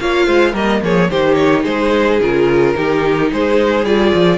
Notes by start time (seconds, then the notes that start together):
0.00 A#3 F4 C#5 F5
0.27 G#3 C5
0.52 G3 A#3 A#4 D#5
0.83 F3 G#4 C#5
1.11 D#3 D#4 G4 C5
1.35 C#5
1.63 G#3 G#4 C5
2.20 C#3 F4 A#4
2.75 D#3 D#4 G4
3.32 G#3 G#4 C5
3.85 G3 F4 D5
4.15 F3